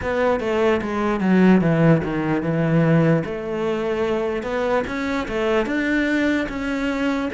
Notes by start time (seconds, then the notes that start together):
0.01 B3
0.40 A3
0.81 G#3
1.20 F#3
1.61 E3
2.03 D#3
2.42 E3
3.25 A3
4.43 B3
4.87 C#4
5.28 A3
5.65 D4
6.48 C#4